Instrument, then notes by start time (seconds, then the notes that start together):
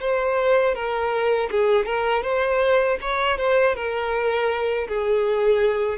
violin
0.00 C5
0.74 A#4
1.50 G#4
1.85 A#4
2.23 C5
3.01 C#5
3.37 C5
3.75 A#4
4.88 G#4